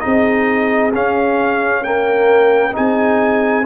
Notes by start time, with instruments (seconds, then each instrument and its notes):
0.00 tuba C4, trombone D#4, horn G#4, trumpet D#5
0.95 trombone C#4, tuba C#4, trumpet F5
1.83 trombone A#3, horn A#4, trumpet G5
2.73 tuba C4, trombone D#4, horn G#4, trumpet G#5